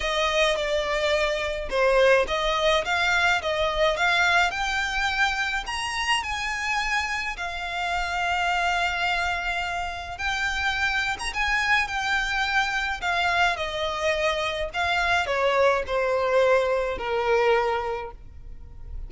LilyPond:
\new Staff \with { instrumentName = "violin" } { \time 4/4 \tempo 4 = 106 dis''4 d''2 c''4 | dis''4 f''4 dis''4 f''4 | g''2 ais''4 gis''4~ | gis''4 f''2.~ |
f''2 g''4.~ g''16 ais''16 | gis''4 g''2 f''4 | dis''2 f''4 cis''4 | c''2 ais'2 | }